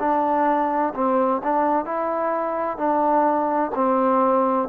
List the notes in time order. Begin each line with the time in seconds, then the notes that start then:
0.00 D4
0.95 C4
1.44 D4
1.85 E4
2.78 D4
3.75 C4